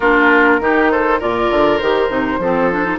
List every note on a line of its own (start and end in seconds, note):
0.00 0.59 A#3
0.00 0.61 D4
0.00 0.60 F4
0.00 0.89 A#4
0.59 1.19 D#3
0.59 1.20 D#4
0.59 0.91 G4
0.90 1.19 A4
0.90 1.20 C5
1.19 1.50 A#2
1.19 1.80 F4
1.19 2.39 A#4
1.19 1.78 D5
1.50 1.80 D3
1.78 2.09 D#3
1.78 2.09 G4
1.78 2.98 C5
2.09 2.38 C3
2.09 2.39 D#4
2.38 2.98 F3
2.38 2.72 C4
2.38 2.99 A4
2.72 2.83 D4
2.83 2.98 D#4